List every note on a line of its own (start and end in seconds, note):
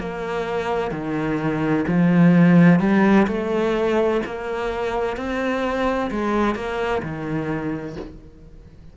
0.00 0.92 A#3
0.92 1.85 D#3
1.88 2.80 F3
2.80 3.27 G3
3.28 4.21 A3
4.26 5.17 A#3
5.17 6.11 C4
6.12 6.56 G#3
6.56 7.03 A#3
7.03 7.97 D#3